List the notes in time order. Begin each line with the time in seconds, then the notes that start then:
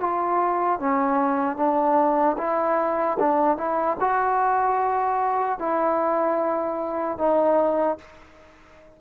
0.00 F4
0.79 C#4
1.56 D4
2.37 E4
3.19 D4
3.57 E4
4.00 F#4
5.59 E4
7.18 D#4